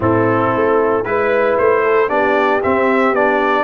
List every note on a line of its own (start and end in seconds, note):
0.00 0.47 A2
0.00 1.04 C4
0.00 1.04 E4
0.00 1.04 A4
0.55 1.05 A3
1.04 1.57 G#3
1.04 2.08 E4
1.04 1.56 B4
1.04 1.82 B4
1.58 2.10 A3
1.58 2.09 C5
1.82 2.09 A4
2.08 2.62 B3
2.08 2.60 D4
2.08 3.63 G4
2.08 2.61 D5
2.62 3.12 C4
2.62 3.15 C4
2.62 3.14 E5
3.12 3.63 B3
3.12 3.63 D4
3.12 3.63 D5